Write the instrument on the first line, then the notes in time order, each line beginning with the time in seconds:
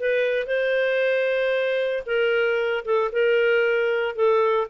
clarinet
0.00 B4
0.47 C5
2.07 A#4
2.85 A4
3.13 A#4
4.16 A4